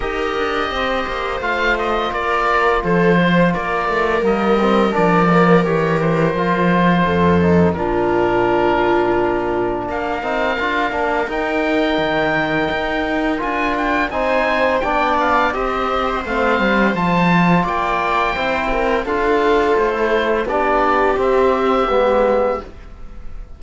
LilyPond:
<<
  \new Staff \with { instrumentName = "oboe" } { \time 4/4 \tempo 4 = 85 dis''2 f''8 dis''8 d''4 | c''4 d''4 dis''4 d''4 | cis''8 c''2~ c''8 ais'4~ | ais'2 f''2 |
g''2. gis''8 g''8 | gis''4 g''8 f''8 dis''4 f''4 | a''4 g''2 f''4 | c''4 d''4 e''2 | }
  \new Staff \with { instrumentName = "viola" } { \time 4/4 ais'4 c''2 ais'4 | a'8 c''8 ais'2.~ | ais'2 a'4 f'4~ | f'2 ais'2~ |
ais'1 | c''4 d''4 c''2~ | c''4 d''4 c''8 ais'8 a'4~ | a'4 g'2. | }
  \new Staff \with { instrumentName = "trombone" } { \time 4/4 g'2 f'2~ | f'2 ais8 c'8 d'8 ais8 | g'4 f'4. dis'8 d'4~ | d'2~ d'8 dis'8 f'8 d'8 |
dis'2. f'4 | dis'4 d'4 g'4 c'4 | f'2 e'4 f'4~ | f'16 e'8. d'4 c'4 b4 | }
  \new Staff \with { instrumentName = "cello" } { \time 4/4 dis'8 d'8 c'8 ais8 a4 ais4 | f4 ais8 a8 g4 f4 | e4 f4 f,4 ais,4~ | ais,2 ais8 c'8 d'8 ais8 |
dis'4 dis4 dis'4 d'4 | c'4 b4 c'4 a8 g8 | f4 ais4 c'4 d'4 | a4 b4 c'4 gis4 | }
>>